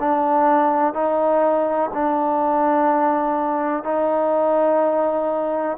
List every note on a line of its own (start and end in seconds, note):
0.00 0.94 D4
0.94 1.91 D#4
1.94 3.84 D4
3.84 5.78 D#4